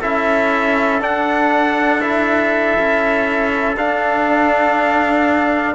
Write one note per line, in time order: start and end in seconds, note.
0.00 1.02 C#4
0.00 1.01 E4
0.00 5.75 A4
0.00 1.02 E5
1.01 2.01 D4
1.01 2.77 D4
1.01 2.01 F#5
2.01 3.77 E4
2.01 3.76 E5
2.79 3.77 C#4
3.77 5.75 D4
3.77 5.75 F5